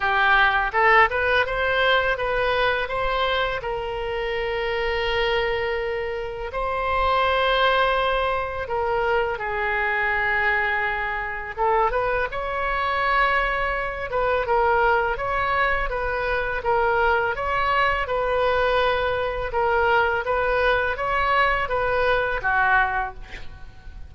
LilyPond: \new Staff \with { instrumentName = "oboe" } { \time 4/4 \tempo 4 = 83 g'4 a'8 b'8 c''4 b'4 | c''4 ais'2.~ | ais'4 c''2. | ais'4 gis'2. |
a'8 b'8 cis''2~ cis''8 b'8 | ais'4 cis''4 b'4 ais'4 | cis''4 b'2 ais'4 | b'4 cis''4 b'4 fis'4 | }